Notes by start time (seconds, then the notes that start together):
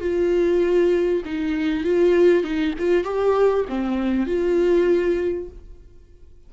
0.00 F4
1.25 D#4
1.84 F4
2.43 D#4
2.79 F4
3.04 G4
3.69 C4
4.26 F4